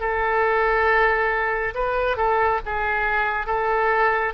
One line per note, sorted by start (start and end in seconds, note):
0.00 1.74 A4
1.74 2.17 B4
2.17 2.60 A4
2.65 3.47 G#4
3.47 4.34 A4